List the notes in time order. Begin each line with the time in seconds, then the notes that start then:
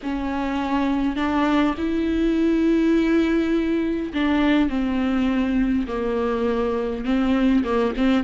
0.02 C#4
1.16 D4
1.77 E4
4.13 D4
4.69 C4
5.87 A#3
7.04 C4
7.64 A#3
7.97 C4